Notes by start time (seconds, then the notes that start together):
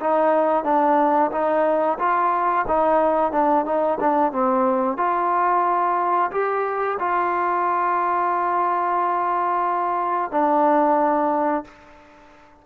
0.00 D#4
0.64 D4
1.31 D#4
1.98 F4
2.67 D#4
3.32 D4
3.65 D#4
4.00 D4
4.32 C4
4.97 F4
6.31 G4
6.99 F4
10.31 D4